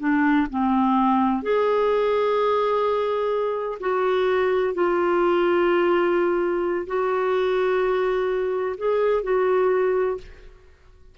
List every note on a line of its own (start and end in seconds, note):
0.00 0.47 D4
0.50 1.42 C4
1.42 3.79 G#4
3.80 4.74 F#4
4.74 6.87 F4
6.87 8.76 F#4
8.77 9.23 G#4
9.23 10.18 F#4